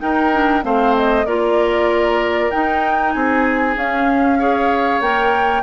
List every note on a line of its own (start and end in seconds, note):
0.00 0.31 D#4
0.00 0.64 D#4
0.00 0.65 A#4
0.00 0.64 G5
0.33 0.62 D4
0.62 1.26 A3
0.62 1.25 C4
0.62 1.27 C5
0.62 0.96 F5
0.97 1.26 D#5
1.26 2.51 A#3
1.26 2.51 F4
1.26 3.14 A#4
1.26 2.51 D5
2.51 3.76 D#4
2.51 3.15 D#4
2.51 3.12 G5
3.12 3.76 C4
3.12 4.39 G#4
3.12 3.75 G#5
3.76 5.01 C#4
3.76 4.40 C#4
3.76 5.02 F5
4.39 5.02 G#4
4.39 5.63 C#5
5.01 5.63 A#3
5.01 5.63 A#4
5.01 5.63 G5